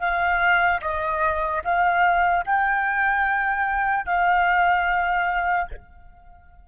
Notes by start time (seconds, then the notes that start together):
0.00 F5
0.82 D#5
1.64 F5
2.46 G5
4.06 F5